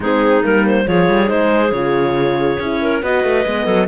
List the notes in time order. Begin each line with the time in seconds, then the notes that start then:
0.00 G#3 C4 D#4 G#4
0.42 G3 A#3 A#4
0.67 C5
0.87 F3 F4 G#4 C#5
1.08 G3
1.26 G#3 D#4 C5
1.71 C#3 F4 C#5
2.59 C#4 E4
2.81 A#4
3.02 B3 F#4 B4 D#5
3.23 A3
3.46 G#3 B3
3.65 F#3 A4